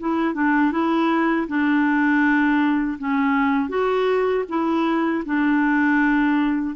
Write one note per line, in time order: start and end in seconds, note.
0.00 0.35 E4
0.35 0.72 D4
0.72 1.47 E4
1.48 2.98 D4
2.99 3.70 C#4
3.70 4.45 F#4
4.49 5.24 E4
5.26 6.76 D4